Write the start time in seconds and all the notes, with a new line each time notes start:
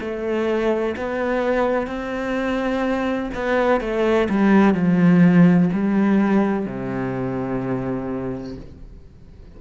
0.00 A3
0.97 B3
1.87 C4
3.34 B3
3.81 A3
4.29 G3
4.74 F3
5.72 G3
6.65 C3